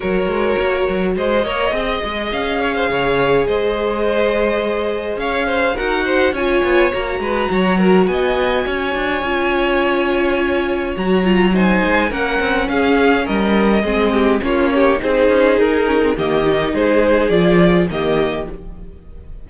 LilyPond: <<
  \new Staff \with { instrumentName = "violin" } { \time 4/4 \tempo 4 = 104 cis''2 dis''2 | f''2 dis''2~ | dis''4 f''4 fis''4 gis''4 | ais''2 gis''2~ |
gis''2. ais''4 | gis''4 fis''4 f''4 dis''4~ | dis''4 cis''4 c''4 ais'4 | dis''4 c''4 d''4 dis''4 | }
  \new Staff \with { instrumentName = "violin" } { \time 4/4 ais'2 c''8 cis''8 dis''4~ | dis''8 cis''16 c''16 cis''4 c''2~ | c''4 cis''8 c''8 ais'8 c''8 cis''4~ | cis''8 b'8 cis''8 ais'8 dis''4 cis''4~ |
cis''1 | c''4 ais'4 gis'4 ais'4 | gis'8 g'8 f'8 g'8 gis'2 | g'4 gis'2 g'4 | }
  \new Staff \with { instrumentName = "viola" } { \time 4/4 fis'2~ fis'8 ais'8 gis'4~ | gis'1~ | gis'2 fis'4 f'4 | fis'1 |
f'2. fis'8 f'8 | dis'4 cis'2. | c'4 cis'4 dis'4. cis'16 c'16 | ais8 dis'4. f'4 ais4 | }
  \new Staff \with { instrumentName = "cello" } { \time 4/4 fis8 gis8 ais8 fis8 gis8 ais8 c'8 gis8 | cis'4 cis4 gis2~ | gis4 cis'4 dis'4 cis'8 b8 | ais8 gis8 fis4 b4 cis'8 d'8 |
cis'2. fis4~ | fis8 gis8 ais8 c'8 cis'4 g4 | gis4 ais4 c'8 cis'8 dis'4 | dis4 gis4 f4 dis4 | }
>>